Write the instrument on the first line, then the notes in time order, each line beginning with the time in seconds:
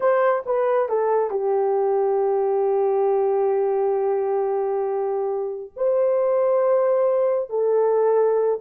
horn
0.00 C5
0.46 B4
0.88 A4
1.30 G4
5.76 C5
7.49 A4